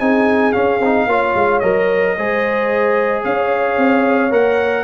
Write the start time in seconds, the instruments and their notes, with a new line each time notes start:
0.00 tuba C4, trombone D#4, horn G#4, trumpet G#5
0.53 trombone C#4, tuba C#4, trumpet F5
0.80 tuba C4, trombone D#4
1.07 tuba A#3, trombone F4, horn C#5
1.35 tuba G#3
1.60 tuba F#3, trombone A#4, trumpet D#5
2.17 tuba G#3, trombone G#4, horn C5
3.24 tuba C#4, horn C#5, trumpet F5
3.78 tuba C4
4.31 tuba A#3, trombone A#4, trumpet F#5